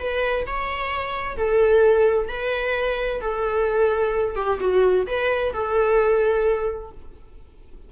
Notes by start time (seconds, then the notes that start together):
0.00 B4
0.47 C#5
1.37 A4
2.29 B4
3.21 A4
4.36 G4
4.60 F#4
5.07 B4
5.53 A4